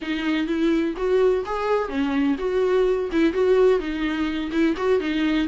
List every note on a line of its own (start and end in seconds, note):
0.01 0.47 D#4
0.47 0.94 E4
0.96 1.44 F#4
1.45 1.89 G#4
1.89 2.36 C#4
2.38 3.10 F#4
3.12 3.33 E4
3.33 3.79 F#4
3.79 4.51 D#4
4.51 4.75 E4
4.76 4.99 F#4
4.99 5.47 D#4